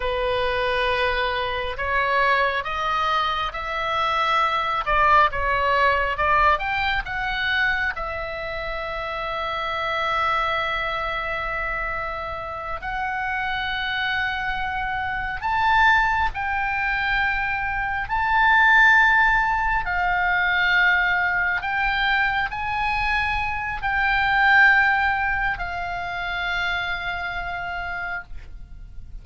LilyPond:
\new Staff \with { instrumentName = "oboe" } { \time 4/4 \tempo 4 = 68 b'2 cis''4 dis''4 | e''4. d''8 cis''4 d''8 g''8 | fis''4 e''2.~ | e''2~ e''8 fis''4.~ |
fis''4. a''4 g''4.~ | g''8 a''2 f''4.~ | f''8 g''4 gis''4. g''4~ | g''4 f''2. | }